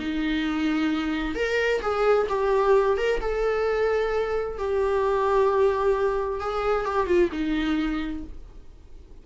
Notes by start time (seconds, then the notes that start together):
0.00 D#4
1.36 A#4
1.82 G#4
2.29 G4
2.98 A#4
3.21 A4
4.59 G4
6.41 G#4
6.86 G4
7.07 F4
7.32 D#4